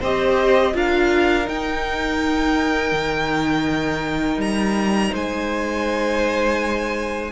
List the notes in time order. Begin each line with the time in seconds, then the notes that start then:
0.00 C4 G4 C5 D#5
0.74 D4 F4 A#4 F5
1.44 D#4 G5
2.92 D#3
4.37 G3 A#5
5.12 G#3 C5 G#5